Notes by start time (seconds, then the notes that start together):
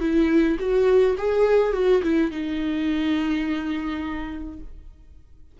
0.00 E4
0.59 F#4
1.18 G#4
1.73 F#4
2.03 E4
2.31 D#4